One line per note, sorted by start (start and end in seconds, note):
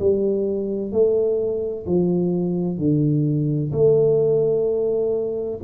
0.00 0.92 G3
0.92 1.86 A3
1.87 2.78 F3
2.78 3.72 D3
3.72 5.60 A3